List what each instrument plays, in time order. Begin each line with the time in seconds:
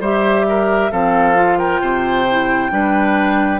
0.00 bassoon G3, clarinet G4, oboe C5, flute E5
0.49 oboe A#4
0.91 bassoon F3, clarinet C4, oboe A4, flute F5
1.35 clarinet F4
1.58 oboe A#4, flute G5
1.81 bassoon C3, oboe C5
2.31 clarinet E4
2.71 bassoon G3, clarinet D4, oboe B4